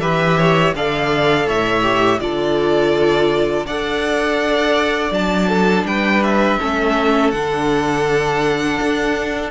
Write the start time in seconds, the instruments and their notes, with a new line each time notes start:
0.00 cello E3, viola G4, violin B4 E5
0.38 violin C#5
0.75 cello D3, viola A4, violin D5 F5
1.47 cello A2, violin C#5 E5
1.82 viola G4
2.20 cello D3, viola F4, violin A4 D5
3.66 cello D4, viola A4, violin D5 F#5
5.11 cello F#3, viola D4, violin A5
5.49 violin A4
5.85 cello G3, violin B4 G5
6.23 violin E5
6.59 cello A3, viola C#4, violin A4
7.31 cello D3, viola D4, violin F#5
8.81 cello D4